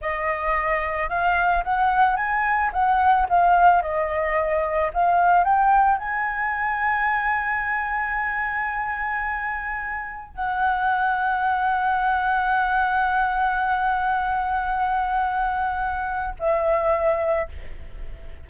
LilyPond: \new Staff \with { instrumentName = "flute" } { \time 4/4 \tempo 4 = 110 dis''2 f''4 fis''4 | gis''4 fis''4 f''4 dis''4~ | dis''4 f''4 g''4 gis''4~ | gis''1~ |
gis''2. fis''4~ | fis''1~ | fis''1~ | fis''2 e''2 | }